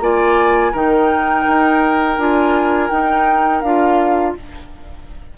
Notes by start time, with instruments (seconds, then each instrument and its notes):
0.00 bassoon A#3, clarinet F4, oboe D5, flute G#5
0.72 bassoon D#3, clarinet D#4, oboe A#4, flute G5
1.47 bassoon D#4
2.18 bassoon D4, clarinet F4, flute G#5
2.90 clarinet D#4, bassoon D#4, flute G5
3.61 bassoon D4, clarinet F4, flute F5